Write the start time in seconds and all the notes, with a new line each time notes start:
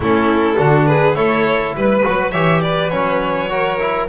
0.00 A3 C#4 E4 A4
0.56 D3 D4 F#4
0.86 G#4 B4
1.14 A3 E4 A4 C#5
1.74 G3 B4
2.03 F#3 F#4
2.31 E3 G4 C#5 E5
2.61 B4 D5
2.89 F#3 C#4 C#5
3.49 F#4 A#4
3.79 E4